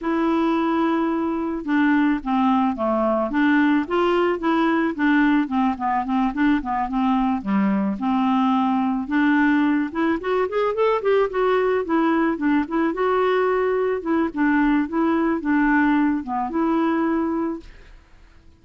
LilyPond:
\new Staff \with { instrumentName = "clarinet" } { \time 4/4 \tempo 4 = 109 e'2. d'4 | c'4 a4 d'4 f'4 | e'4 d'4 c'8 b8 c'8 d'8 | b8 c'4 g4 c'4.~ |
c'8 d'4. e'8 fis'8 gis'8 a'8 | g'8 fis'4 e'4 d'8 e'8 fis'8~ | fis'4. e'8 d'4 e'4 | d'4. b8 e'2 | }